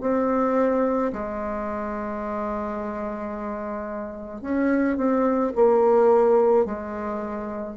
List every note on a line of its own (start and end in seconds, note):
0.00 1.11 C4
1.12 4.41 G#3
4.41 4.96 C#4
4.96 5.52 C4
5.55 6.65 A#3
6.65 7.76 G#3